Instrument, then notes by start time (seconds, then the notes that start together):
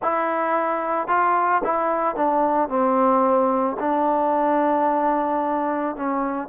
trombone
0.02 E4
1.07 F4
1.63 E4
2.15 D4
2.68 C4
3.79 D4
5.96 C#4